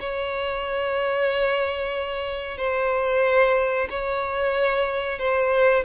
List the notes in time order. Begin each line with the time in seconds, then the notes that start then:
0.00 C#5
2.58 C5
3.90 C#5
5.19 C5